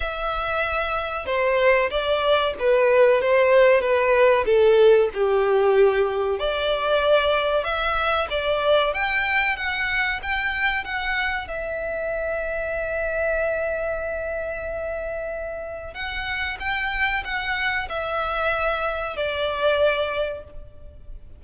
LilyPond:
\new Staff \with { instrumentName = "violin" } { \time 4/4 \tempo 4 = 94 e''2 c''4 d''4 | b'4 c''4 b'4 a'4 | g'2 d''2 | e''4 d''4 g''4 fis''4 |
g''4 fis''4 e''2~ | e''1~ | e''4 fis''4 g''4 fis''4 | e''2 d''2 | }